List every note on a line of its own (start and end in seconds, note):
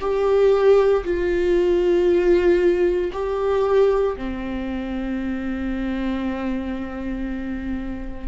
0.00 1.03 G4
1.04 3.11 F4
3.13 4.16 G4
4.17 8.28 C4